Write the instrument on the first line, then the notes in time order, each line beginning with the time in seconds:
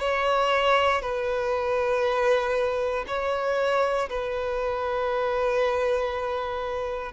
violin
0.00 C#5
1.02 B4
3.07 C#5
4.10 B4